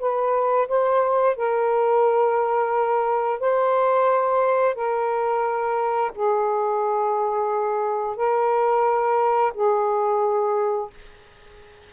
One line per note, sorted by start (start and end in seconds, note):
0.00 0.68 B4
0.69 1.36 C5
1.36 3.40 A#4
3.40 4.75 C5
4.75 6.12 A#4
6.15 8.17 G#4
8.17 9.53 A#4
9.54 10.91 G#4